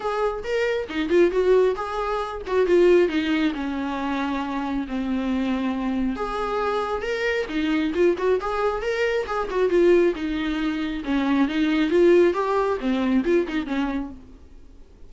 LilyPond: \new Staff \with { instrumentName = "viola" } { \time 4/4 \tempo 4 = 136 gis'4 ais'4 dis'8 f'8 fis'4 | gis'4. fis'8 f'4 dis'4 | cis'2. c'4~ | c'2 gis'2 |
ais'4 dis'4 f'8 fis'8 gis'4 | ais'4 gis'8 fis'8 f'4 dis'4~ | dis'4 cis'4 dis'4 f'4 | g'4 c'4 f'8 dis'8 cis'4 | }